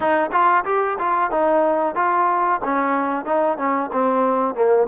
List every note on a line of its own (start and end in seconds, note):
0.00 0.30 D#4
0.31 0.64 F4
0.65 0.97 G4
0.98 1.30 F4
1.30 1.95 D#4
1.95 2.60 F4
2.64 3.25 C#4
3.25 3.57 D#4
3.57 3.90 C#4
3.92 4.54 C4
4.54 4.87 A#3